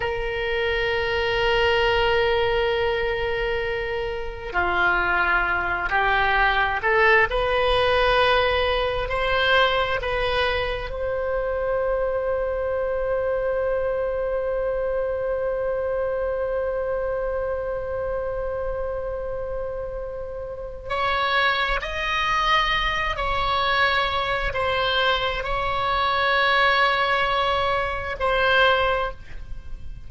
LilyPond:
\new Staff \with { instrumentName = "oboe" } { \time 4/4 \tempo 4 = 66 ais'1~ | ais'4 f'4. g'4 a'8 | b'2 c''4 b'4 | c''1~ |
c''1~ | c''2. cis''4 | dis''4. cis''4. c''4 | cis''2. c''4 | }